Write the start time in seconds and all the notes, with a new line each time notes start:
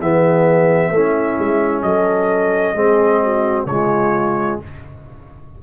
0.00 E3 B3 G#4 E5
0.91 A3 C#4 E4
1.39 G#3
1.82 F#3 A4 D#5
2.74 G#3 C4 G#4
3.23 F#4
3.65 C#3 G#3 F4 C#5